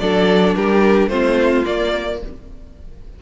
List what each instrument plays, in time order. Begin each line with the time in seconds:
0.00 cello F#3, viola D4, violin A4 D5
0.56 cello G3, violin G4 A#4
1.08 cello A3, viola C4, violin F4 C5
1.65 viola A#3, cello A#3, violin D5